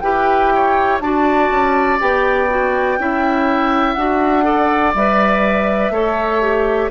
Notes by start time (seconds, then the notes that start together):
0.00 E4 G4 B4 G5
0.54 C#5
1.00 D4 F#4 D5 A5
1.50 C#4
1.99 B3 G4 G5
2.49 F#4
2.98 C#4 E4 E5
3.93 D4 F#4 F#5
4.43 A4 D5
4.94 G3 B4 E5
5.90 A3 A4 C#5
6.41 G4